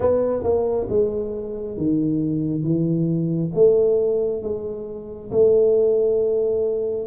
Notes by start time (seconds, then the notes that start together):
0.00 B3
0.43 A#3
0.89 G#3
1.76 D#3
2.63 E3
3.54 A3
4.42 G#3
5.31 A3